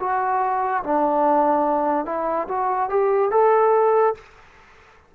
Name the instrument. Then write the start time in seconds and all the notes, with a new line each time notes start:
trombone
0.00 F#4
0.84 D4
2.06 E4
2.48 F#4
2.90 G4
3.31 A4